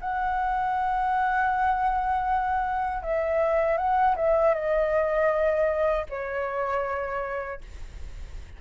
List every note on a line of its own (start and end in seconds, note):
0.00 3.02 F#5
3.02 3.77 E5
3.77 4.15 F#5
4.16 4.54 E5
4.54 6.06 D#5
6.09 7.61 C#5